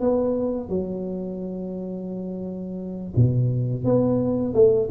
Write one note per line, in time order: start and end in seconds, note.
0.00 0.69 B3
0.69 3.13 F#3
3.16 3.84 B2
3.84 4.53 B3
4.53 4.88 A3